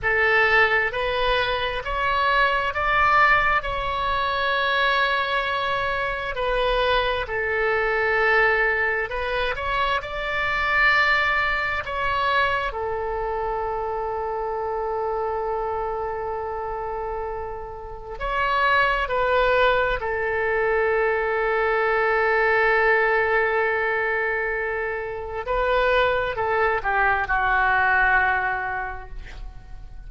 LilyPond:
\new Staff \with { instrumentName = "oboe" } { \time 4/4 \tempo 4 = 66 a'4 b'4 cis''4 d''4 | cis''2. b'4 | a'2 b'8 cis''8 d''4~ | d''4 cis''4 a'2~ |
a'1 | cis''4 b'4 a'2~ | a'1 | b'4 a'8 g'8 fis'2 | }